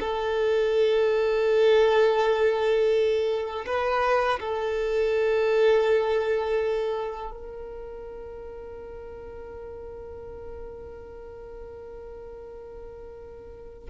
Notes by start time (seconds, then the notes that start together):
0.00 A4
3.67 B4
4.40 A4
7.31 A#4